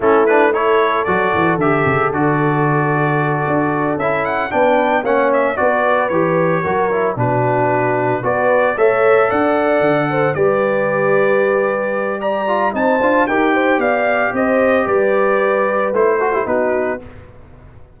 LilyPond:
<<
  \new Staff \with { instrumentName = "trumpet" } { \time 4/4 \tempo 4 = 113 a'8 b'8 cis''4 d''4 e''4 | d''2.~ d''8 e''8 | fis''8 g''4 fis''8 e''8 d''4 cis''8~ | cis''4. b'2 d''8~ |
d''8 e''4 fis''2 d''8~ | d''2. ais''4 | a''4 g''4 f''4 dis''4 | d''2 c''4 b'4 | }
  \new Staff \with { instrumentName = "horn" } { \time 4/4 e'4 a'2.~ | a'1~ | a'8 b'4 cis''4 b'4.~ | b'8 ais'4 fis'2 b'8~ |
b'8 cis''4 d''4. c''8 b'8~ | b'2. d''4 | c''4 ais'8 c''8 d''4 c''4 | b'2~ b'8 a'16 g'16 fis'4 | }
  \new Staff \with { instrumentName = "trombone" } { \time 4/4 cis'8 d'8 e'4 fis'4 g'4 | fis'2.~ fis'8 e'8~ | e'8 d'4 cis'4 fis'4 g'8~ | g'8 fis'8 e'8 d'2 fis'8~ |
fis'8 a'2. g'8~ | g'2.~ g'8 f'8 | dis'8 f'8 g'2.~ | g'2 e'8 fis'16 e'16 dis'4 | }
  \new Staff \with { instrumentName = "tuba" } { \time 4/4 a2 fis8 e8 d8 cis8 | d2~ d8 d'4 cis'8~ | cis'8 b4 ais4 b4 e8~ | e8 fis4 b,2 b8~ |
b8 a4 d'4 d4 g8~ | g1 | c'8 d'8 dis'4 b4 c'4 | g2 a4 b4 | }
>>